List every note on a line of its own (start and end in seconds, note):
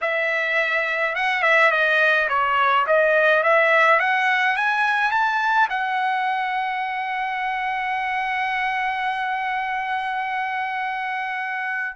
0.01 1.15 E5
1.15 1.42 F#5
1.42 1.71 E5
1.71 2.28 D#5
2.29 2.86 C#5
2.86 3.43 D#5
3.43 3.99 E5
3.99 4.56 F#5
4.56 5.11 G#5
5.11 5.68 A5
5.69 11.96 F#5